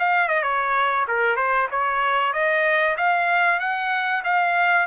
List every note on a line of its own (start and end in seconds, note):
0.00 0.28 F5
0.28 0.43 D#5
0.43 1.06 C#5
1.08 1.36 A#4
1.36 1.68 C5
1.71 2.33 C#5
2.33 2.97 D#5
2.97 3.60 F5
3.60 4.23 F#5
4.24 4.87 F5